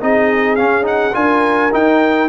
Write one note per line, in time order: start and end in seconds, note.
0.00 0.57 C4
0.00 0.57 D#4
0.00 1.15 G#4
0.00 0.55 D#5
0.55 0.82 C#4
0.55 1.15 C#4
0.55 0.84 F5
0.82 1.11 D#4
0.82 1.15 F#5
1.12 1.72 D4
1.12 1.70 F4
1.12 2.28 A#4
1.12 1.72 G#5
1.72 2.28 D#4
1.72 2.28 G5